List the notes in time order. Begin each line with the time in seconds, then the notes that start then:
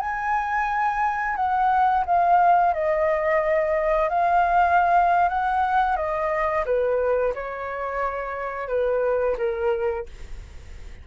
0.00 G#5
1.36 F#5
2.05 F5
2.73 D#5
4.09 F5
5.29 F#5
5.96 D#5
6.65 B4
7.34 C#5
8.68 B4
9.37 A#4